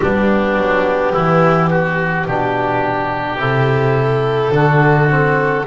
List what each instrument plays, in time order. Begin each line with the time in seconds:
0.00 double bass G3, trombone B3, oboe D4, violin G4
0.57 double bass F#3
1.12 double bass E3, oboe E4
1.70 oboe F#4
2.25 double bass B2, trombone D4, oboe G4
3.38 double bass C3, trombone E4, violin A4
4.51 double bass D3, trombone D4, oboe F#4
5.08 trombone C4